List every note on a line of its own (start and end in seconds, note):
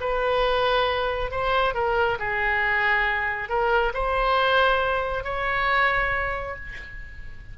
0.00 1.31 B4
1.31 1.74 C5
1.74 2.18 A#4
2.19 3.49 G#4
3.49 3.92 A#4
3.93 5.24 C5
5.24 6.55 C#5